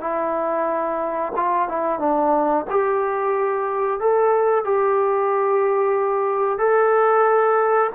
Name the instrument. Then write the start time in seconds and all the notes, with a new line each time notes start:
trombone
0.00 E4
1.36 F4
1.68 E4
1.99 D4
2.69 G4
4.00 A4
4.64 G4
6.58 A4